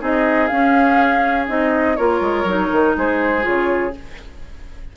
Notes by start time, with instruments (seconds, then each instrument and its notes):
0.00 bassoon C4, clarinet D#4, oboe G#4, flute D#5
0.48 clarinet C#4, bassoon C#4, flute F5
1.48 bassoon C4, clarinet D#4, flute D#5
1.96 bassoon A#3, clarinet F4, oboe A#4, flute C#5
2.21 bassoon G#3
2.45 bassoon F#3, clarinet D#4
2.73 bassoon D#3
2.96 bassoon G#3, oboe G#4, flute C5
3.42 bassoon C#3, clarinet F4, flute C#5